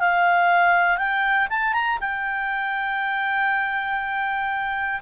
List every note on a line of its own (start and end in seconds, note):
0.00 0.98 F5
0.98 1.48 G5
1.50 1.73 A5
1.73 1.98 A#5
2.00 5.00 G5